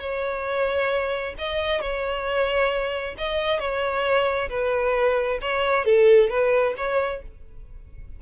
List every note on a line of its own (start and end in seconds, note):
0.00 1.34 C#5
1.39 1.81 D#5
1.81 3.15 C#5
3.18 3.59 D#5
3.59 4.49 C#5
4.50 5.39 B4
5.42 5.85 C#5
5.85 6.30 A4
6.30 6.75 B4
6.77 7.22 C#5